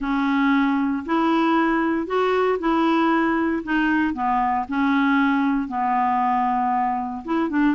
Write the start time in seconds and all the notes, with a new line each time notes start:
0.00 C#4
1.05 E4
2.06 F#4
2.59 E4
3.63 D#4
4.13 B3
4.68 C#4
5.68 B3
7.25 E4
7.49 D4